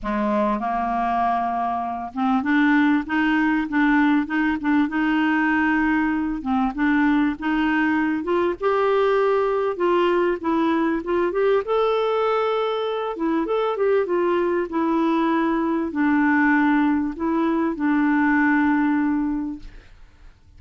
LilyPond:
\new Staff \with { instrumentName = "clarinet" } { \time 4/4 \tempo 4 = 98 gis4 ais2~ ais8 c'8 | d'4 dis'4 d'4 dis'8 d'8 | dis'2~ dis'8 c'8 d'4 | dis'4. f'8 g'2 |
f'4 e'4 f'8 g'8 a'4~ | a'4. e'8 a'8 g'8 f'4 | e'2 d'2 | e'4 d'2. | }